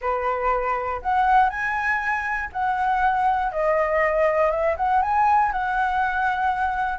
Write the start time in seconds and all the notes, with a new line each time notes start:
0.01 B4
1.02 F#5
1.49 G#5
2.52 F#5
3.52 D#5
4.50 E5
4.77 F#5
5.01 G#5
5.52 F#5